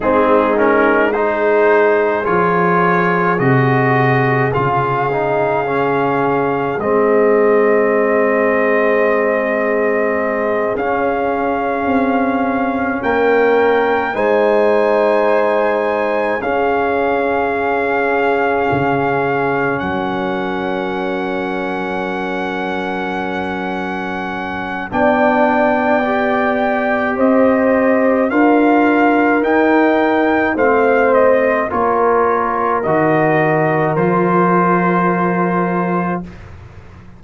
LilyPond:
<<
  \new Staff \with { instrumentName = "trumpet" } { \time 4/4 \tempo 4 = 53 gis'8 ais'8 c''4 cis''4 dis''4 | f''2 dis''2~ | dis''4. f''2 g''8~ | g''8 gis''2 f''4.~ |
f''4. fis''2~ fis''8~ | fis''2 g''2 | dis''4 f''4 g''4 f''8 dis''8 | cis''4 dis''4 c''2 | }
  \new Staff \with { instrumentName = "horn" } { \time 4/4 dis'4 gis'2.~ | gis'1~ | gis'2.~ gis'8 ais'8~ | ais'8 c''2 gis'4.~ |
gis'4. ais'2~ ais'8~ | ais'2 d''2 | c''4 ais'2 c''4 | ais'1 | }
  \new Staff \with { instrumentName = "trombone" } { \time 4/4 c'8 cis'8 dis'4 f'4 fis'4 | f'8 dis'8 cis'4 c'2~ | c'4. cis'2~ cis'8~ | cis'8 dis'2 cis'4.~ |
cis'1~ | cis'2 d'4 g'4~ | g'4 f'4 dis'4 c'4 | f'4 fis'4 f'2 | }
  \new Staff \with { instrumentName = "tuba" } { \time 4/4 gis2 f4 c4 | cis2 gis2~ | gis4. cis'4 c'4 ais8~ | ais8 gis2 cis'4.~ |
cis'8 cis4 fis2~ fis8~ | fis2 b2 | c'4 d'4 dis'4 a4 | ais4 dis4 f2 | }
>>